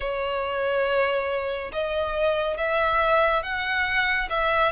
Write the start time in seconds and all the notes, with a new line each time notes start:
0.00 C#5
1.72 D#5
2.57 E5
3.42 F#5
4.29 E5